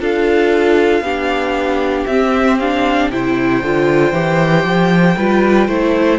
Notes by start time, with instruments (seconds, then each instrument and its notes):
0.00 cello D4, viola F4, violin A4 F5
1.01 cello B3, viola D4, violin G4
2.06 cello C4, viola C4, violin E5
2.59 viola D4, violin F5
3.10 cello C3, viola E4, violin C5 G5
3.62 cello D3, viola F4
4.12 cello E3, viola G4
4.64 cello F3
5.17 cello G3, viola F4, violin B4
5.67 cello A3, viola E4, violin C5